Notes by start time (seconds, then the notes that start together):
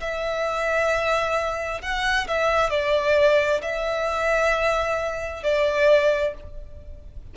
0.00 E5
1.81 F#5
2.27 E5
2.70 D5
3.61 E5
5.43 D5